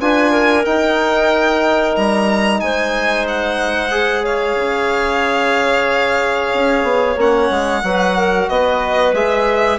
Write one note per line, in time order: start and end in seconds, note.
0.00 0.65 D4
0.00 0.64 F4
0.00 0.31 B4
0.00 0.65 G#5
0.31 2.59 A#4
0.64 3.90 D#4
0.64 1.96 D#4
0.64 1.95 G5
1.96 2.61 G3
1.96 2.60 A#5
2.60 4.55 G#3
2.60 4.23 C5
2.60 3.25 G#5
3.28 4.25 F#5
3.90 7.16 G#4
4.23 7.82 C#5
4.23 7.18 F5
4.55 6.51 C#3
6.53 6.82 C#4
6.82 7.15 B3
7.16 7.49 A#3
7.16 7.83 C#4
7.16 8.49 F#5
7.50 7.82 G#3
7.82 8.48 F#3
7.82 9.14 F#4
7.82 8.17 B4
8.17 8.49 A#4
8.49 9.13 B3
8.49 9.79 B4
8.49 9.14 D#5
9.13 9.78 G#3
9.13 9.79 G#4
9.13 9.79 E5